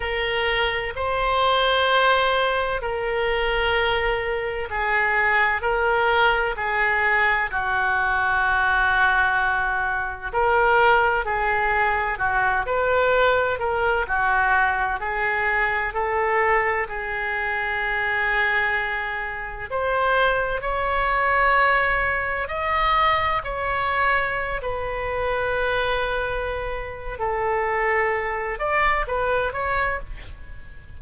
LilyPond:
\new Staff \with { instrumentName = "oboe" } { \time 4/4 \tempo 4 = 64 ais'4 c''2 ais'4~ | ais'4 gis'4 ais'4 gis'4 | fis'2. ais'4 | gis'4 fis'8 b'4 ais'8 fis'4 |
gis'4 a'4 gis'2~ | gis'4 c''4 cis''2 | dis''4 cis''4~ cis''16 b'4.~ b'16~ | b'4 a'4. d''8 b'8 cis''8 | }